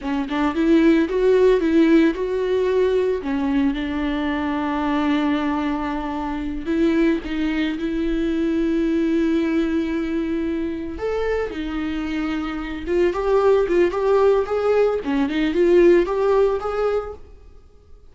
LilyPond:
\new Staff \with { instrumentName = "viola" } { \time 4/4 \tempo 4 = 112 cis'8 d'8 e'4 fis'4 e'4 | fis'2 cis'4 d'4~ | d'1~ | d'8 e'4 dis'4 e'4.~ |
e'1~ | e'8 a'4 dis'2~ dis'8 | f'8 g'4 f'8 g'4 gis'4 | cis'8 dis'8 f'4 g'4 gis'4 | }